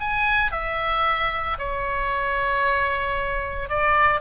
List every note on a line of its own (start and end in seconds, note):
0.00 0.52 G#5
0.52 1.58 E5
1.58 3.70 C#5
3.70 4.21 D5